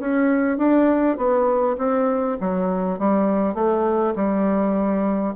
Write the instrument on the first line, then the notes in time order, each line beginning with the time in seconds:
bassoon
0.00 C#4
0.58 D4
1.17 B3
1.78 C4
2.41 F#3
2.99 G3
3.55 A3
4.16 G3